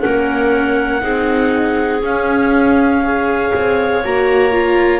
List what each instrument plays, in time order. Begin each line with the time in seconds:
0.00 double bass A#3, viola C#4, clarinet A#4 F#5
1.01 double bass C4, viola D#4, clarinet G#4
2.02 double bass C#4, viola C#4, clarinet F5
3.03 viola G#4, clarinet C#5
3.54 double bass C4
4.04 double bass A#3, viola F#4, clarinet A#5
4.51 viola F4